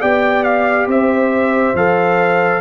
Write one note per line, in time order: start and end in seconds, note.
0.00 0.86 B3
0.00 1.74 G4
0.00 0.87 D5
0.00 0.43 G5
0.43 0.86 F5
0.86 1.73 C4
0.86 2.61 C5
0.86 1.76 E5
1.73 2.60 F3
1.73 2.61 A4
1.73 2.61 F5